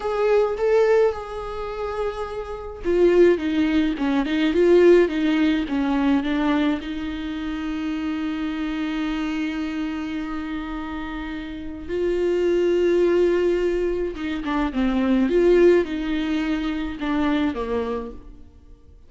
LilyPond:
\new Staff \with { instrumentName = "viola" } { \time 4/4 \tempo 4 = 106 gis'4 a'4 gis'2~ | gis'4 f'4 dis'4 cis'8 dis'8 | f'4 dis'4 cis'4 d'4 | dis'1~ |
dis'1~ | dis'4 f'2.~ | f'4 dis'8 d'8 c'4 f'4 | dis'2 d'4 ais4 | }